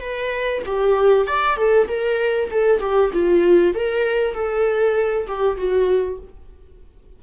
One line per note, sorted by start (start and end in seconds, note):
0.00 0.62 B4
0.66 1.27 G4
1.27 1.56 D5
1.56 1.87 A4
1.88 2.49 A#4
2.51 2.80 A4
2.80 3.11 G4
3.13 3.75 F4
3.75 4.34 A#4
4.34 5.27 A4
5.27 5.57 G4
5.57 6.19 F#4